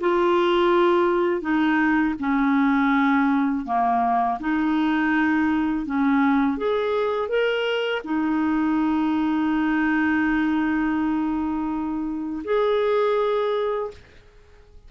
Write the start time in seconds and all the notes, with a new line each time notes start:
0.00 F4
1.41 D#4
2.19 C#4
3.65 A#3
4.39 D#4
5.85 C#4
6.57 G#4
7.28 A#4
8.04 D#4
12.44 G#4